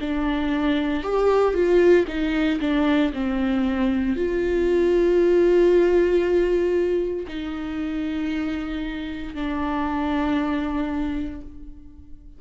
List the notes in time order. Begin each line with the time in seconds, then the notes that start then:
0.00 D4
1.03 G4
1.54 F4
2.07 D#4
2.60 D4
3.13 C4
4.16 F4
7.27 D#4
9.34 D4